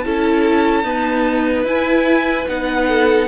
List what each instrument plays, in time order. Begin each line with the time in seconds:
0.00 cello C#4, viola E4, violin A4 A5
0.84 viola B3, cello D#4, violin B4
1.64 cello E4, viola E4, violin G#5
2.48 cello B3, viola D#4, violin F#5
2.87 violin A4